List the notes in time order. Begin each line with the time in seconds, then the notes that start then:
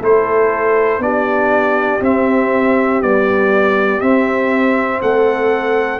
0.00 A3 E4 A4 C5
0.98 B3 D4 G4 D5
2.00 C4 E5
3.02 G3 B3 D5
4.00 C4 E5
5.00 A3 A4 F#5